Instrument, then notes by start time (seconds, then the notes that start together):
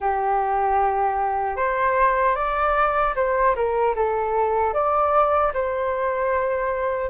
flute
0.00 G4
1.56 C5
2.35 D5
3.15 C5
3.55 A#4
3.95 A4
4.73 D5
5.53 C5